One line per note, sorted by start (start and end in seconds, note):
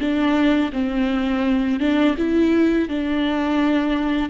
0.00 0.71 D4
0.73 1.80 C4
1.80 2.16 D4
2.18 2.89 E4
2.89 4.30 D4